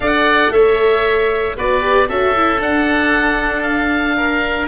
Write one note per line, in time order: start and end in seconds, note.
0.00 0.48 D4
0.00 1.55 A4
0.00 0.53 D5
0.00 0.52 F#5
0.48 1.53 A3
0.48 1.56 C#5
0.48 1.56 E5
1.56 2.08 B3
1.56 1.81 F#4
1.56 2.08 B4
1.56 2.08 D5
1.81 2.07 G4
2.08 2.60 C#4
2.08 2.35 F#4
2.08 4.16 A4
2.08 2.61 E5
2.35 2.58 E4
2.58 4.67 D4
2.58 3.62 F#5
3.62 4.67 F5
4.16 4.67 A#4